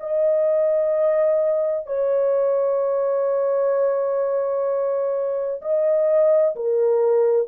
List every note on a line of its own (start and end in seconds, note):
0.00 1.86 D#5
1.86 5.61 C#5
5.62 6.55 D#5
6.55 7.48 A#4